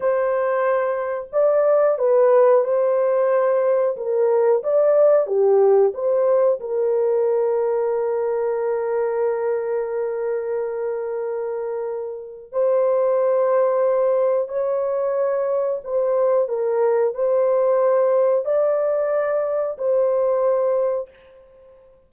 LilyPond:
\new Staff \with { instrumentName = "horn" } { \time 4/4 \tempo 4 = 91 c''2 d''4 b'4 | c''2 ais'4 d''4 | g'4 c''4 ais'2~ | ais'1~ |
ais'2. c''4~ | c''2 cis''2 | c''4 ais'4 c''2 | d''2 c''2 | }